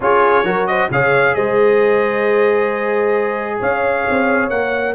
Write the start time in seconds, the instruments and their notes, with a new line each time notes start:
0.00 tuba C#4, trombone F4, horn G#4, trumpet C#5
0.43 tuba F#3, trombone F#4, horn A#4
0.66 horn C5, trumpet D#5
0.90 tuba C#3, trombone G#4, horn C#5, trumpet F5
1.34 tuba G#3, horn C5, trumpet D#5
3.59 tuba C#4, horn C#5, trumpet F5
4.09 tuba C4
4.49 tuba A#3, trombone A#4, trumpet F#5